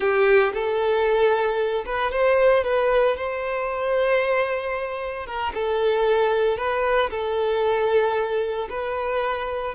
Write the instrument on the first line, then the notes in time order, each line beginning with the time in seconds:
violin
0.00 G4
0.53 A4
1.85 B4
2.11 C5
2.64 B4
3.17 C5
5.26 A#4
5.54 A4
6.57 B4
7.10 A4
8.69 B4